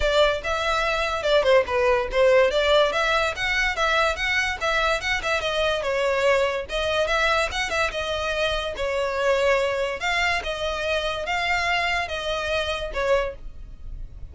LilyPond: \new Staff \with { instrumentName = "violin" } { \time 4/4 \tempo 4 = 144 d''4 e''2 d''8 c''8 | b'4 c''4 d''4 e''4 | fis''4 e''4 fis''4 e''4 | fis''8 e''8 dis''4 cis''2 |
dis''4 e''4 fis''8 e''8 dis''4~ | dis''4 cis''2. | f''4 dis''2 f''4~ | f''4 dis''2 cis''4 | }